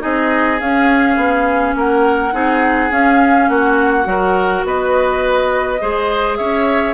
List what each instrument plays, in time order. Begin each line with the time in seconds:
0.00 bassoon C4, clarinet D#4, oboe G#4, flute D#5
0.60 bassoon C#4, clarinet C#4, flute F5
1.17 bassoon B3
1.76 bassoon A#3, oboe A#4, flute F#5
2.33 bassoon C4, clarinet D#4, oboe G#4
2.91 bassoon C#4, clarinet C#4, flute F5
3.49 bassoon A#3, oboe F#4, flute F#5
4.04 bassoon F#3, clarinet F#4, oboe A#4
4.65 bassoon B3, oboe B4, flute D#5
5.81 bassoon G#3, clarinet G#4, oboe C5
6.36 bassoon C#4, oboe C#5, flute E5